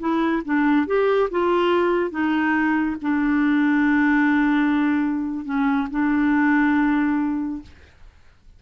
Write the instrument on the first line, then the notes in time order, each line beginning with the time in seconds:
clarinet
0.00 E4
0.45 D4
0.87 G4
1.31 F4
2.11 D#4
3.02 D4
5.45 C#4
5.91 D4